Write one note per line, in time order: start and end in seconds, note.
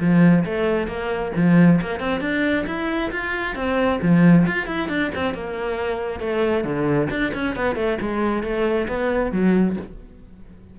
0.00 0.44 F3
0.45 0.87 A3
0.87 1.32 A#3
1.36 1.81 F3
1.81 2.00 A#3
2.00 2.21 C4
2.21 2.65 D4
2.67 3.11 E4
3.11 3.55 F4
3.55 4.00 C4
4.02 4.46 F3
4.46 4.66 F4
4.66 4.88 E4
4.88 5.11 D4
5.15 5.34 C4
5.34 6.20 A#3
6.20 6.64 A3
6.64 7.08 D3
7.10 7.33 D4
7.34 7.56 C#4
7.56 7.76 B3
7.76 7.98 A3
8.01 8.43 G#3
8.43 8.87 A3
8.87 9.32 B3
9.32 9.76 F#3